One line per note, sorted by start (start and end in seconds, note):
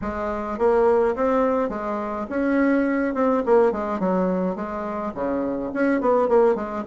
0.01 0.58 G#3
0.58 1.15 A#3
1.15 1.69 C4
1.69 2.26 G#3
2.29 3.14 C#4
3.14 3.42 C4
3.45 3.71 A#3
3.71 3.99 G#3
3.99 4.55 F#3
4.55 5.12 G#3
5.14 5.71 C#3
5.73 6.01 C#4
6.01 6.28 B3
6.28 6.55 A#3
6.55 6.83 G#3